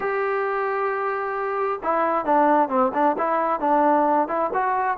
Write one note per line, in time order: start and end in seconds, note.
0.00 1.79 G4
1.83 2.25 E4
2.25 2.68 D4
2.68 2.91 C4
2.93 3.16 D4
3.17 3.60 E4
3.60 4.28 D4
4.28 4.50 E4
4.53 4.97 F#4